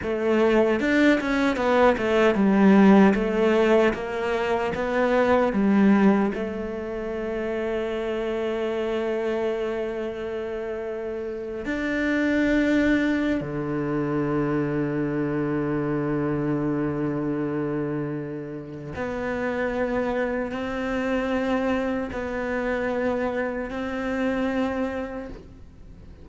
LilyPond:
\new Staff \with { instrumentName = "cello" } { \time 4/4 \tempo 4 = 76 a4 d'8 cis'8 b8 a8 g4 | a4 ais4 b4 g4 | a1~ | a2~ a8. d'4~ d'16~ |
d'4 d2.~ | d1 | b2 c'2 | b2 c'2 | }